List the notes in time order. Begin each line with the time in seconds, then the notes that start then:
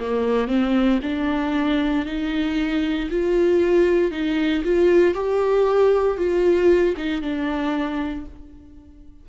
0.00 A#3
0.47 C4
1.03 D4
2.05 D#4
3.10 F4
4.11 D#4
4.64 F4
5.14 G4
6.17 F4
6.97 D#4
7.21 D4